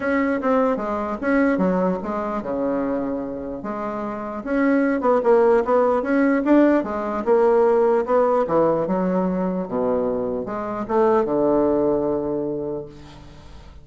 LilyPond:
\new Staff \with { instrumentName = "bassoon" } { \time 4/4 \tempo 4 = 149 cis'4 c'4 gis4 cis'4 | fis4 gis4 cis2~ | cis4 gis2 cis'4~ | cis'8 b8 ais4 b4 cis'4 |
d'4 gis4 ais2 | b4 e4 fis2 | b,2 gis4 a4 | d1 | }